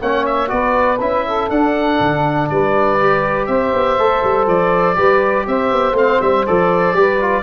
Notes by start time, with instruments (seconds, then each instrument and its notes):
0.00 tuba A#3, trombone C#4, saxophone C#5, oboe F#5
0.25 oboe E5
0.47 tuba B3, trombone F#4, saxophone B4, oboe D5
1.00 tuba C#4, trombone E4, oboe E5
1.26 saxophone A4
1.50 tuba D4, trombone D4, oboe F#5
2.00 tuba D3
2.49 tuba G3, saxophone B4, oboe D5
2.99 trombone G4
3.46 tuba C4, saxophone C5, oboe E5
3.74 tuba B3
3.98 tuba A3, trombone A4
4.24 tuba G3
4.46 tuba F3, oboe D5
4.95 tuba G3, trombone G4, saxophone B4
5.47 tuba C4, saxophone C5, oboe E5
5.72 tuba B3
5.92 tuba A3, trombone C4, oboe F5
6.21 tuba G3, oboe E5
6.46 tuba F3, trombone A4, oboe D5
6.94 tuba G3, trombone G4, saxophone B4
7.21 trombone F4